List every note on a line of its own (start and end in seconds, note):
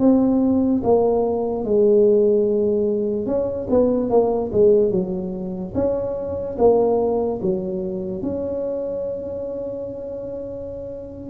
0.00 0.82 C4
0.84 1.65 A#3
1.65 3.27 G#3
3.27 3.68 C#4
3.70 4.10 B3
4.10 4.51 A#3
4.52 4.91 G#3
4.91 5.73 F#3
5.75 6.57 C#4
6.58 7.40 A#3
7.42 8.23 F#3
8.23 11.31 C#4